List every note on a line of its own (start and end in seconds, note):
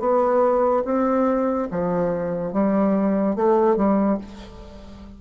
0.00 0.83 B3
0.85 1.69 C4
1.71 2.53 F3
2.53 3.36 G3
3.36 3.77 A3
3.77 4.18 G3